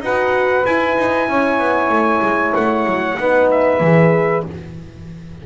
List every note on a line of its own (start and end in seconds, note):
0.00 0.63 D#4
0.00 0.65 F#4
0.00 1.29 B4
0.00 0.65 F#5
0.65 0.96 E4
0.65 3.18 E4
0.65 2.55 G#5
0.97 1.28 D#4
1.28 1.59 C#4
1.28 3.18 C#5
1.59 1.89 B3
1.89 2.20 A3
2.21 2.53 G#3
2.55 2.86 A3
2.55 3.49 F#5
2.86 3.17 F#3
3.18 3.80 B3
3.18 3.81 D#4
3.18 4.46 B4
3.50 4.45 E5
3.80 4.43 E3
3.80 4.46 G#4